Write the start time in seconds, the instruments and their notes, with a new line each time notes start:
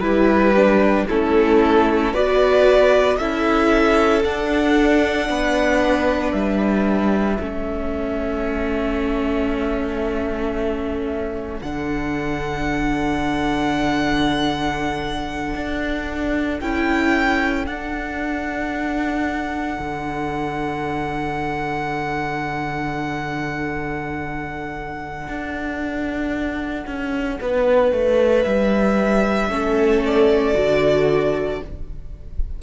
0.00 cello G3, viola E4, violin G4 B4
0.56 viola D4
1.08 cello A3, viola C#4, violin E4 A4
2.13 cello B3, viola F#4, violin B4 D5
3.18 cello C#4, viola E4, violin A4 E5
4.24 viola D4, cello D4, violin F#5
5.29 cello B3, violin B4
6.32 cello G3, violin E5
7.40 cello A3, viola C#4, violin A4
11.61 cello D3, viola D4, violin F#5
15.55 cello D4
16.60 cello C#4, viola E4, violin G5
17.66 viola D4, cello D4, violin F#5
19.79 cello D3
25.28 cello D4
26.87 cello C#4
27.41 cello B3, violin B4
27.93 cello A3
28.43 cello G3, violin E5
29.50 cello A3, viola C#4, violin A4
30.05 violin D5
30.55 cello D3, viola F#4